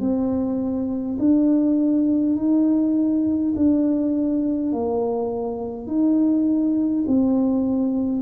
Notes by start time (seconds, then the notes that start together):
0.00 C4
1.19 D4
2.36 D#4
3.56 D4
4.72 A#3
5.87 D#4
7.07 C4